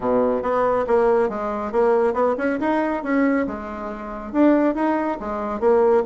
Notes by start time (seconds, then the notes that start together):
0.00 B2
0.42 B3
0.87 A#3
1.29 G#3
1.72 A#3
2.13 B3
2.37 C#4
2.60 D#4
3.03 C#4
3.46 G#3
4.32 D4
4.74 D#4
5.19 G#3
5.60 A#3